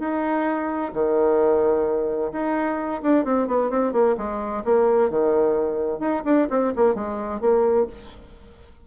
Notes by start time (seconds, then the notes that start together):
0.00 D#4
0.94 D#3
2.32 D#4
3.03 D4
3.25 C4
3.48 B3
3.70 C4
3.93 A#3
4.18 G#3
4.65 A#3
5.10 D#3
6.00 D#4
6.25 D4
6.50 C4
6.76 A#3
6.95 G#3
7.41 A#3